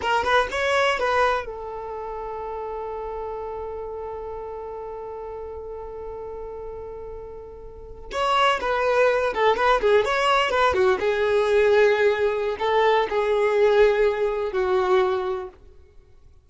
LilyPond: \new Staff \with { instrumentName = "violin" } { \time 4/4 \tempo 4 = 124 ais'8 b'8 cis''4 b'4 a'4~ | a'1~ | a'1~ | a'1~ |
a'8. cis''4 b'4. a'8 b'16~ | b'16 gis'8 cis''4 b'8 fis'8 gis'4~ gis'16~ | gis'2 a'4 gis'4~ | gis'2 fis'2 | }